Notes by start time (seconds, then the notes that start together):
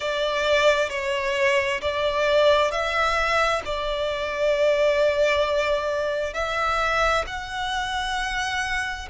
0.00 D5
0.89 C#5
1.81 D5
2.71 E5
3.65 D5
6.33 E5
7.26 F#5